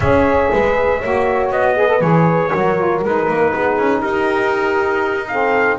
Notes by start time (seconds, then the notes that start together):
0.00 C#4 G#4 C#5 E5
0.52 G#3 B4
0.99 A#3 F#4 C#5
1.50 B3 D#5
1.76 G#4 B4
1.87 A4
2.00 E3 G#4 C#5
2.50 F#3 F#4 A#4
2.76 F4
3.04 G#3 D#4 B4
3.28 A#3
3.53 B3 G#4
3.78 C#4
4.00 D#4 G4 A#4
5.27 C4 A4 F5